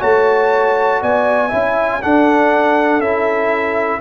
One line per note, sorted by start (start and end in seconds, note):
0.00 1.02 A3
0.00 1.50 F#4
0.00 1.00 C#5
0.00 1.02 A5
1.02 1.52 B3
1.02 1.49 D5
1.02 2.02 G#5
1.49 2.03 C#4
1.49 2.01 E4
1.49 1.99 E5
2.02 3.02 D4
2.02 3.00 D4
2.02 4.01 A4
2.02 3.01 F#5
3.00 4.00 C#4
3.00 4.01 E4
3.00 4.01 E5